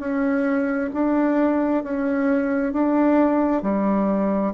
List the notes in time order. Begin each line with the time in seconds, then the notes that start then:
0.00 C#4
0.93 D4
1.84 C#4
2.73 D4
3.62 G3